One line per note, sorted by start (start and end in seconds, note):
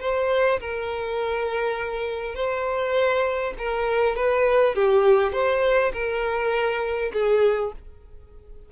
0.00 0.59 C5
0.60 2.35 A#4
2.35 3.53 C5
3.58 4.16 A#4
4.16 4.75 B4
4.75 5.32 G4
5.32 5.92 C5
5.93 7.12 A#4
7.13 7.72 G#4